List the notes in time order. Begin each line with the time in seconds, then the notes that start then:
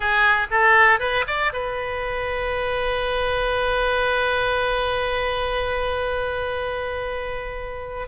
0.00 G#4
0.50 A4
0.99 B4
1.27 D5
1.52 B4